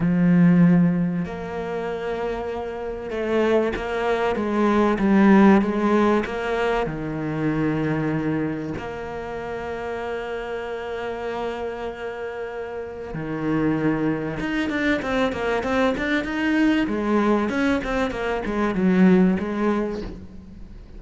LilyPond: \new Staff \with { instrumentName = "cello" } { \time 4/4 \tempo 4 = 96 f2 ais2~ | ais4 a4 ais4 gis4 | g4 gis4 ais4 dis4~ | dis2 ais2~ |
ais1~ | ais4 dis2 dis'8 d'8 | c'8 ais8 c'8 d'8 dis'4 gis4 | cis'8 c'8 ais8 gis8 fis4 gis4 | }